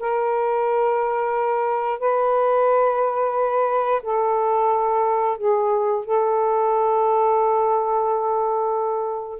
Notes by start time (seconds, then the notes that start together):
0.00 A#4
2.00 B4
4.03 A4
5.38 G#4
6.06 A4